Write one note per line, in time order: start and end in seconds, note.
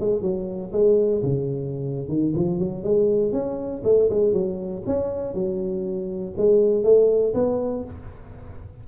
0.00 0.22 G#3
0.22 0.72 F#3
0.72 1.22 G#3
1.23 2.08 C#3
2.08 2.33 D#3
2.36 2.59 F3
2.59 2.84 F#3
2.84 3.32 G#3
3.32 3.82 C#4
3.84 4.09 A3
4.10 4.33 G#3
4.33 4.83 F#3
4.86 5.34 C#4
5.34 6.34 F#3
6.37 6.83 G#3
6.83 7.33 A3
7.34 7.84 B3